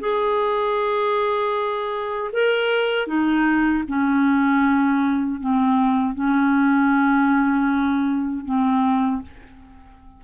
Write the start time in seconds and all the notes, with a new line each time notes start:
0.00 G#4
2.33 A#4
3.07 D#4
3.87 C#4
5.40 C4
6.15 C#4
8.45 C4